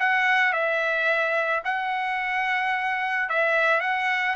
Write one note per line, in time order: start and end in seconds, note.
0.00 0.53 F#5
0.53 1.63 E5
1.65 3.30 F#5
3.30 3.81 E5
3.81 4.36 F#5